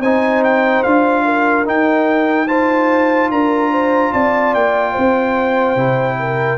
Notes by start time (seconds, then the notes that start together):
0.00 C4 D#4 C5 G#5
0.44 G5
0.83 D4 F4 F5
1.25 A#4
1.65 D#4 G5
2.47 F4 C5 A5
3.29 D4 A#4 A#5
3.70 C5
4.13 C4 D5 A5
4.54 A#3 G5
4.92 C4 C5
5.76 C3 E4
6.19 A#4